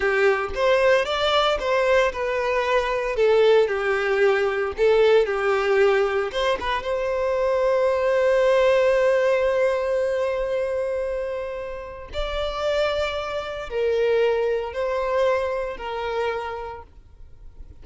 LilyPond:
\new Staff \with { instrumentName = "violin" } { \time 4/4 \tempo 4 = 114 g'4 c''4 d''4 c''4 | b'2 a'4 g'4~ | g'4 a'4 g'2 | c''8 b'8 c''2.~ |
c''1~ | c''2. d''4~ | d''2 ais'2 | c''2 ais'2 | }